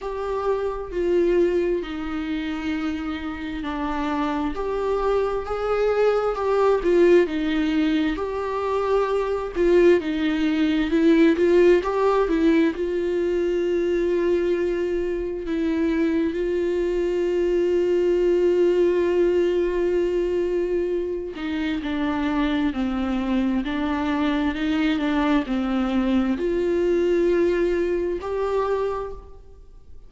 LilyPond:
\new Staff \with { instrumentName = "viola" } { \time 4/4 \tempo 4 = 66 g'4 f'4 dis'2 | d'4 g'4 gis'4 g'8 f'8 | dis'4 g'4. f'8 dis'4 | e'8 f'8 g'8 e'8 f'2~ |
f'4 e'4 f'2~ | f'2.~ f'8 dis'8 | d'4 c'4 d'4 dis'8 d'8 | c'4 f'2 g'4 | }